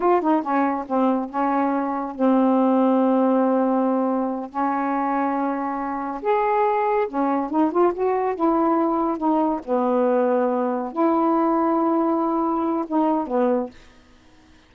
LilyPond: \new Staff \with { instrumentName = "saxophone" } { \time 4/4 \tempo 4 = 140 f'8 dis'8 cis'4 c'4 cis'4~ | cis'4 c'2.~ | c'2~ c'8 cis'4.~ | cis'2~ cis'8 gis'4.~ |
gis'8 cis'4 dis'8 f'8 fis'4 e'8~ | e'4. dis'4 b4.~ | b4. e'2~ e'8~ | e'2 dis'4 b4 | }